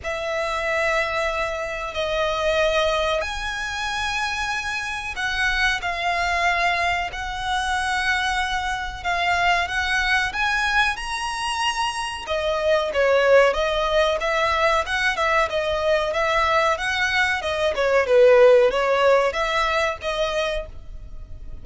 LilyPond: \new Staff \with { instrumentName = "violin" } { \time 4/4 \tempo 4 = 93 e''2. dis''4~ | dis''4 gis''2. | fis''4 f''2 fis''4~ | fis''2 f''4 fis''4 |
gis''4 ais''2 dis''4 | cis''4 dis''4 e''4 fis''8 e''8 | dis''4 e''4 fis''4 dis''8 cis''8 | b'4 cis''4 e''4 dis''4 | }